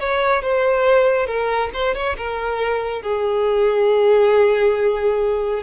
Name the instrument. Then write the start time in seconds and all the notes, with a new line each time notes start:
violin
0.00 C#5
0.42 C5
1.27 A#4
1.74 C5
1.94 C#5
2.17 A#4
3.02 G#4